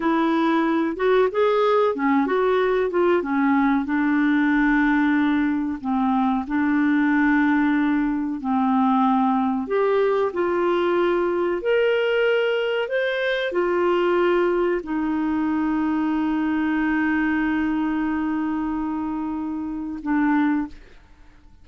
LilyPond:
\new Staff \with { instrumentName = "clarinet" } { \time 4/4 \tempo 4 = 93 e'4. fis'8 gis'4 cis'8 fis'8~ | fis'8 f'8 cis'4 d'2~ | d'4 c'4 d'2~ | d'4 c'2 g'4 |
f'2 ais'2 | c''4 f'2 dis'4~ | dis'1~ | dis'2. d'4 | }